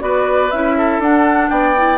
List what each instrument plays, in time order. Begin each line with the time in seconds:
0.00 bassoon B3, clarinet F#4, oboe B4, flute D5
0.51 bassoon C#4, clarinet E4, flute E5
0.78 oboe A4
0.99 bassoon D4, clarinet D4, flute F#5
1.49 bassoon B3, oboe D5, flute G5
1.77 clarinet E4